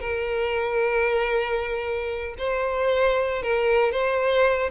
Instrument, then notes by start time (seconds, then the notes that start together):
violin
0.00 A#4
2.38 C5
3.43 A#4
3.92 C5